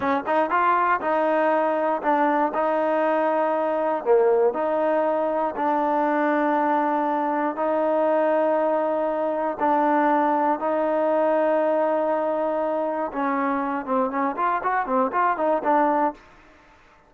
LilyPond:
\new Staff \with { instrumentName = "trombone" } { \time 4/4 \tempo 4 = 119 cis'8 dis'8 f'4 dis'2 | d'4 dis'2. | ais4 dis'2 d'4~ | d'2. dis'4~ |
dis'2. d'4~ | d'4 dis'2.~ | dis'2 cis'4. c'8 | cis'8 f'8 fis'8 c'8 f'8 dis'8 d'4 | }